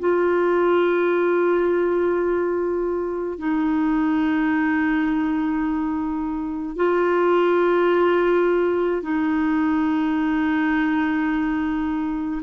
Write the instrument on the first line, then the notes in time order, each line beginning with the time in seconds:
clarinet
0.00 F4
3.39 D#4
6.77 F4
9.03 D#4